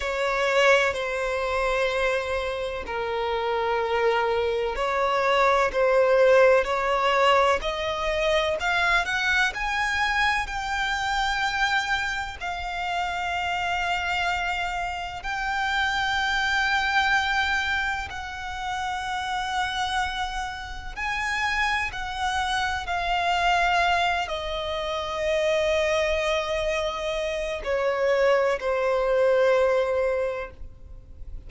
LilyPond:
\new Staff \with { instrumentName = "violin" } { \time 4/4 \tempo 4 = 63 cis''4 c''2 ais'4~ | ais'4 cis''4 c''4 cis''4 | dis''4 f''8 fis''8 gis''4 g''4~ | g''4 f''2. |
g''2. fis''4~ | fis''2 gis''4 fis''4 | f''4. dis''2~ dis''8~ | dis''4 cis''4 c''2 | }